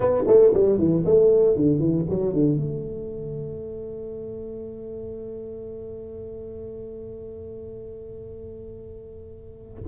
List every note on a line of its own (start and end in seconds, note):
0.00 0.23 B3
0.27 0.52 A3
0.53 0.78 G3
0.78 1.04 E3
1.05 1.55 A3
1.55 1.79 D3
1.79 2.05 E3
2.09 2.33 F#3
2.33 2.56 D3
2.56 9.80 A3